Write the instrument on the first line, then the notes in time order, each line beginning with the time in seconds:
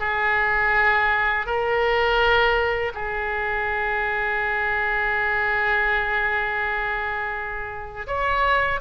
oboe
0.00 G#4
1.46 A#4
2.95 G#4
8.07 C#5